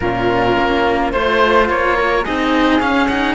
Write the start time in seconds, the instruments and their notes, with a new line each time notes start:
0.00 cello A#2 C#4, flute F4, oboe A#4
0.57 cello A#3
1.12 cello A3 F4, oboe C5, flute C5
1.69 cello A#3, oboe C#5
1.96 flute A#4
2.24 cello C4 D#4, flute G#4, oboe D#5
2.80 cello C#4, oboe F5
3.07 cello D#4, oboe F#5